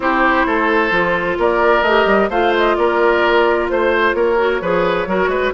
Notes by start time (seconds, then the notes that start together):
0.00 C4 E4 G4 C5
0.46 A3 A4
0.90 F3 F4
1.38 A#3 A#4 D5
1.82 A3 G4 D#5
2.05 G3
2.29 A3 F4 C5 F5
2.57 D#5
2.75 A#3 A#4 D5
3.69 A3 C5
4.14 A#3 A#4 C#5
4.37 F#4
4.61 F3 G#4 B4
5.06 F#3 F#4 A#4
5.27 G#3 B4